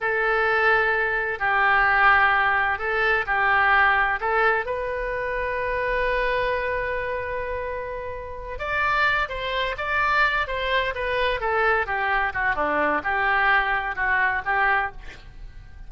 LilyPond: \new Staff \with { instrumentName = "oboe" } { \time 4/4 \tempo 4 = 129 a'2. g'4~ | g'2 a'4 g'4~ | g'4 a'4 b'2~ | b'1~ |
b'2~ b'8 d''4. | c''4 d''4. c''4 b'8~ | b'8 a'4 g'4 fis'8 d'4 | g'2 fis'4 g'4 | }